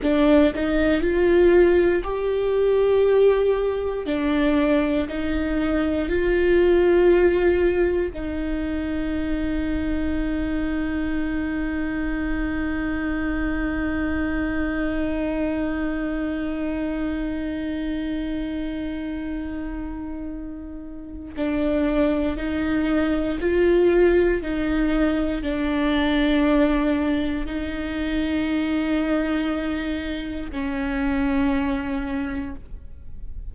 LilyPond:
\new Staff \with { instrumentName = "viola" } { \time 4/4 \tempo 4 = 59 d'8 dis'8 f'4 g'2 | d'4 dis'4 f'2 | dis'1~ | dis'1~ |
dis'1~ | dis'4 d'4 dis'4 f'4 | dis'4 d'2 dis'4~ | dis'2 cis'2 | }